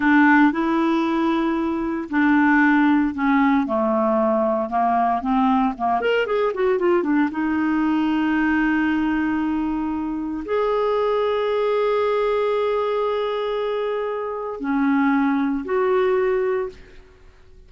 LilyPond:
\new Staff \with { instrumentName = "clarinet" } { \time 4/4 \tempo 4 = 115 d'4 e'2. | d'2 cis'4 a4~ | a4 ais4 c'4 ais8 ais'8 | gis'8 fis'8 f'8 d'8 dis'2~ |
dis'1 | gis'1~ | gis'1 | cis'2 fis'2 | }